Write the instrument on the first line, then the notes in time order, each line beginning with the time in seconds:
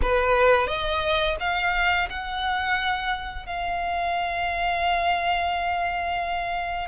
violin
0.02 B4
0.67 D#5
1.39 F5
2.09 F#5
3.45 F5